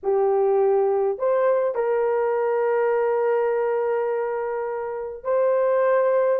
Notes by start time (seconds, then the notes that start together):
0.03 G4
1.18 C5
1.74 A#4
5.23 C5